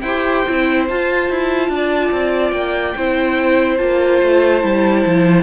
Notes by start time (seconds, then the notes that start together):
0.00 E4 C5 G5
0.06 G4
0.47 C4 E4
0.87 F4 A5
1.29 E4
1.68 D4 D5
2.11 C4
2.51 A#3 G5
2.97 C4 E4 C5
3.77 A#3 F4 A5
4.21 A3
4.61 G3 E4
5.06 F3